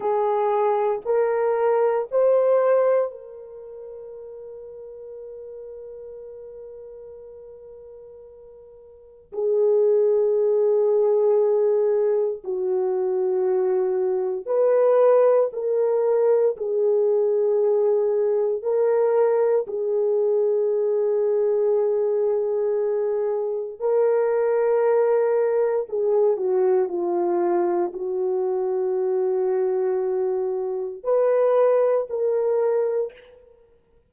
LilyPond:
\new Staff \with { instrumentName = "horn" } { \time 4/4 \tempo 4 = 58 gis'4 ais'4 c''4 ais'4~ | ais'1~ | ais'4 gis'2. | fis'2 b'4 ais'4 |
gis'2 ais'4 gis'4~ | gis'2. ais'4~ | ais'4 gis'8 fis'8 f'4 fis'4~ | fis'2 b'4 ais'4 | }